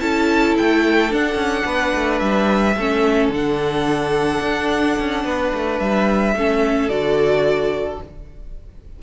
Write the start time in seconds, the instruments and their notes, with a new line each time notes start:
0.00 cello C#4, viola E4, violin A4 A5
0.58 cello A3, violin G5
1.09 viola D4, cello D4, violin F#5
1.35 cello C#4
1.65 cello B3, violin B4
1.95 cello A3
2.19 cello G3, violin E5
2.77 cello A3, viola C#4, violin A4
3.29 cello D3, viola D4, violin F#5
4.41 cello D4
5.00 cello C#4
5.24 cello B3, violin B4
5.54 cello A3
5.79 cello G3, violin E5
6.34 cello A3, viola C#4, violin A4
6.89 cello D3, viola F#4, violin D5